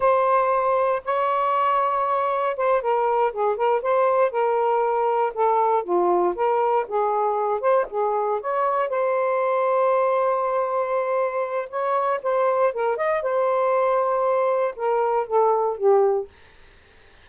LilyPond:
\new Staff \with { instrumentName = "saxophone" } { \time 4/4 \tempo 4 = 118 c''2 cis''2~ | cis''4 c''8 ais'4 gis'8 ais'8 c''8~ | c''8 ais'2 a'4 f'8~ | f'8 ais'4 gis'4. c''8 gis'8~ |
gis'8 cis''4 c''2~ c''8~ | c''2. cis''4 | c''4 ais'8 dis''8 c''2~ | c''4 ais'4 a'4 g'4 | }